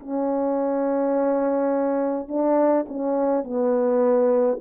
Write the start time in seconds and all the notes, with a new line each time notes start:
0.00 C#4
2.28 D4
2.88 C#4
3.44 B3